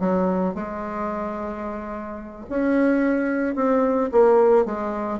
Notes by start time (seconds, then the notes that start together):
0.00 F#3
0.55 G#3
2.50 C#4
3.56 C4
4.12 A#3
4.65 G#3